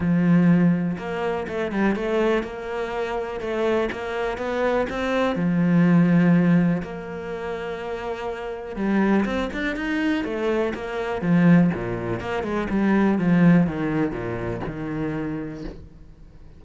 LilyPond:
\new Staff \with { instrumentName = "cello" } { \time 4/4 \tempo 4 = 123 f2 ais4 a8 g8 | a4 ais2 a4 | ais4 b4 c'4 f4~ | f2 ais2~ |
ais2 g4 c'8 d'8 | dis'4 a4 ais4 f4 | ais,4 ais8 gis8 g4 f4 | dis4 ais,4 dis2 | }